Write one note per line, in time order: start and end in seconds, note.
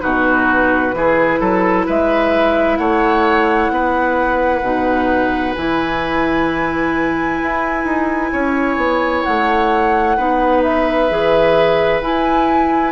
0.00 0.94 B2
0.00 0.92 D#4
0.00 0.95 F#4
0.00 1.85 B4
0.93 1.40 E3
0.93 4.62 E4
0.93 1.40 G#4
1.40 1.87 F#3
1.40 1.86 A4
1.86 2.78 G#3
1.86 2.78 B4
1.86 2.77 E5
2.77 3.70 A3
2.77 3.72 C#5
2.77 5.54 F#5
3.70 4.62 B3
3.70 8.32 B4
4.62 5.55 B2
4.62 5.56 D#4
5.55 7.42 E3
5.55 10.18 E4
5.55 9.24 G#5
7.42 7.84 E4
7.84 8.31 D#4
8.32 8.77 C#4
8.32 10.17 C#5
8.77 9.23 B3
9.24 10.18 A3
9.24 10.62 F#5
10.17 11.10 B3
10.17 11.10 D#4
10.17 12.92 B4
10.63 12.01 E5
11.10 12.02 E3
11.10 12.02 G#4
12.02 12.92 E4
12.02 12.92 G#5